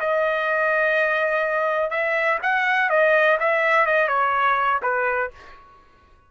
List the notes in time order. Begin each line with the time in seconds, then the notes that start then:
0.00 D#5
1.90 E5
2.42 F#5
2.89 D#5
3.40 E5
3.86 D#5
4.08 C#5
4.82 B4